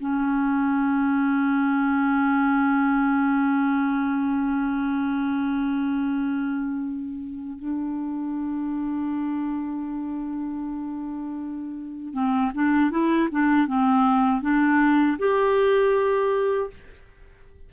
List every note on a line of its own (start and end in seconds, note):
0.00 7.59 C#4
7.59 12.13 D4
12.13 12.51 C4
12.55 12.91 D4
12.91 13.29 E4
13.31 13.67 D4
13.67 14.42 C4
14.42 15.18 D4
15.18 16.70 G4